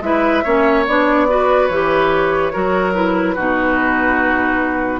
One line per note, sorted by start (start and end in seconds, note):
0.00 0.42 G#3
0.00 0.43 E4
0.00 0.43 B4
0.00 0.84 E5
0.43 0.87 A#3
0.43 0.85 C#4
0.43 1.27 C#5
0.86 1.68 B3
0.86 1.28 D4
0.86 1.67 D5
1.28 1.69 F#4
1.28 2.53 B4
1.67 2.52 E3
1.67 2.52 G4
1.67 2.92 C#5
2.52 3.37 F#3
2.52 2.94 F#4
2.52 3.35 A#4
2.93 3.35 E4
2.93 5.00 B4
3.35 5.00 B2
3.35 5.00 D#4
3.35 5.00 F#4